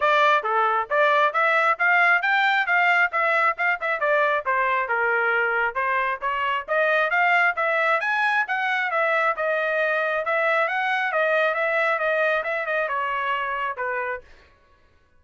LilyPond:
\new Staff \with { instrumentName = "trumpet" } { \time 4/4 \tempo 4 = 135 d''4 a'4 d''4 e''4 | f''4 g''4 f''4 e''4 | f''8 e''8 d''4 c''4 ais'4~ | ais'4 c''4 cis''4 dis''4 |
f''4 e''4 gis''4 fis''4 | e''4 dis''2 e''4 | fis''4 dis''4 e''4 dis''4 | e''8 dis''8 cis''2 b'4 | }